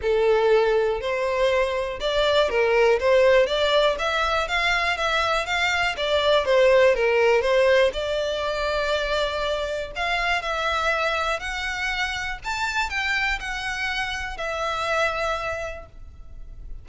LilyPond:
\new Staff \with { instrumentName = "violin" } { \time 4/4 \tempo 4 = 121 a'2 c''2 | d''4 ais'4 c''4 d''4 | e''4 f''4 e''4 f''4 | d''4 c''4 ais'4 c''4 |
d''1 | f''4 e''2 fis''4~ | fis''4 a''4 g''4 fis''4~ | fis''4 e''2. | }